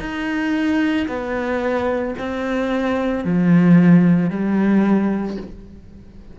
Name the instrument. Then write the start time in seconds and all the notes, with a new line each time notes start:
cello
0.00 D#4
1.08 B3
2.19 C4
3.25 F3
4.30 G3